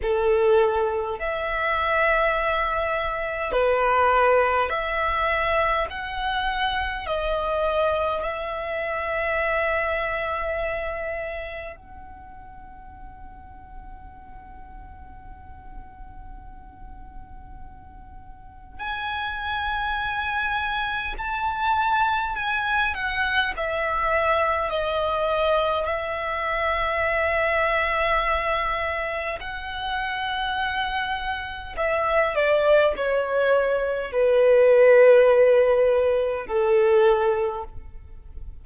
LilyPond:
\new Staff \with { instrumentName = "violin" } { \time 4/4 \tempo 4 = 51 a'4 e''2 b'4 | e''4 fis''4 dis''4 e''4~ | e''2 fis''2~ | fis''1 |
gis''2 a''4 gis''8 fis''8 | e''4 dis''4 e''2~ | e''4 fis''2 e''8 d''8 | cis''4 b'2 a'4 | }